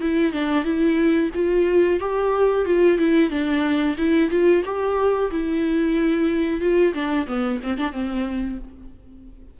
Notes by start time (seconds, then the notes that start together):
0.00 E4
0.32 D4
0.64 E4
1.34 F4
2.00 G4
2.65 F4
2.98 E4
3.30 D4
3.97 E4
4.30 F4
4.65 G4
5.30 E4
6.60 F4
6.93 D4
7.27 B3
7.62 C4
7.77 D4
7.92 C4